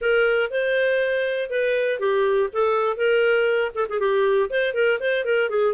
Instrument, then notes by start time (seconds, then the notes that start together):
clarinet
0.01 A#4
0.50 C5
1.50 B4
1.99 G4
2.52 A4
2.96 A#4
3.74 A4
3.89 G#4
3.99 G4
4.50 C5
4.74 A#4
5.00 C5
5.24 A#4
5.49 G#4